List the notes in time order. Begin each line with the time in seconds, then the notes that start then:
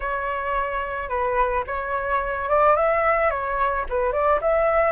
0.00 C#5
1.09 B4
1.66 C#5
2.49 D5
2.75 E5
3.30 C#5
3.89 B4
4.12 D5
4.41 E5